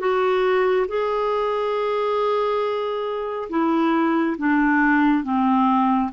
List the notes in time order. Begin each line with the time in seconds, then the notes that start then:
0.00 F#4
0.88 G#4
3.50 E4
4.38 D4
5.24 C4